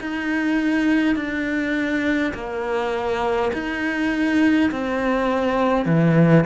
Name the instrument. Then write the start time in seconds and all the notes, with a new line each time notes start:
cello
0.00 D#4
1.15 D4
2.34 A#3
3.53 D#4
4.71 C4
5.86 E3